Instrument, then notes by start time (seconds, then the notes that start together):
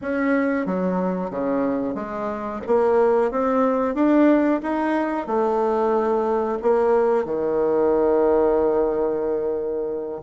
bassoon
0.01 C#4
0.66 F#3
1.30 C#3
1.95 G#3
2.66 A#3
3.31 C4
3.94 D4
4.62 D#4
5.26 A3
6.61 A#3
7.24 D#3